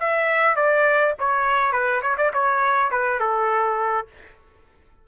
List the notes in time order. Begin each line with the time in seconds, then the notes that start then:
0.00 E5
0.56 D5
1.19 C#5
1.73 B4
2.02 C#5
2.18 D5
2.34 C#5
2.91 B4
3.20 A4